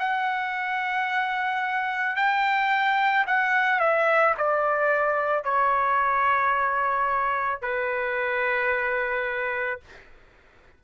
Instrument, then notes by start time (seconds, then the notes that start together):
trumpet
0.00 F#5
2.17 G5
3.27 F#5
3.80 E5
4.38 D5
5.44 C#5
7.62 B4